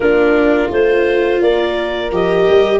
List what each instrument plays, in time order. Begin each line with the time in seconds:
0.00 tuba A#3, viola D4, horn F4, clarinet A#4
0.69 tuba A3, viola F4, clarinet C5
1.41 tuba A#3, horn A#4, clarinet D5
2.11 tuba F3, viola G4, clarinet D#5
2.49 tuba G3